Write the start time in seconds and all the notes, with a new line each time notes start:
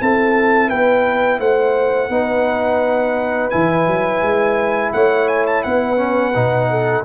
0.00 C4 E4 A4 A5
0.69 B3 B4 G5
1.40 A3 C5 F#5
2.10 B3 D#4 B4
3.50 E3 E4 G#5
3.87 F#3
4.22 G#3
4.93 A3 C#5 F#5
5.28 G#5
5.47 A5
5.64 B3 B4 F#5
5.97 C#4
6.35 B2 D#4
6.71 A4